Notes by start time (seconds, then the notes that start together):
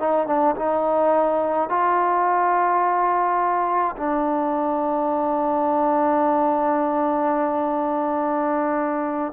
0.00 D#4
0.27 D4
0.56 D#4
1.70 F4
3.97 D4